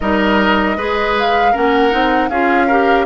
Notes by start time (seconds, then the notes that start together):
0.00 G3 D#4 A#4 D#5
0.76 G#3 G#4 B4
1.19 F5
1.52 A#3 C#4 A#4 F#5
1.90 C4 D#4
2.29 C#4 F4 G#4 F5
2.67 G4 A#4